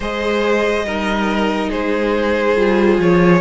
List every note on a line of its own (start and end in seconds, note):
0.00 0.84 G#3
0.00 0.86 G#4
0.00 0.85 C5
0.00 1.71 D#5
0.84 1.69 G3
0.84 2.56 D#4
0.84 1.69 A#4
1.69 2.55 G#3
1.69 3.41 G#4
1.69 2.99 C5
2.55 2.98 G3
2.55 3.41 F4
2.98 3.41 F3
2.98 3.41 C#5